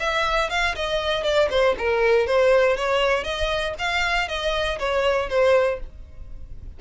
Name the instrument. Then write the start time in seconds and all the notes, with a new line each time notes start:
violin
0.00 E5
0.50 F5
0.76 D#5
1.23 D5
1.50 C5
1.78 A#4
2.27 C5
2.77 C#5
3.24 D#5
3.79 F5
4.28 D#5
4.79 C#5
5.30 C5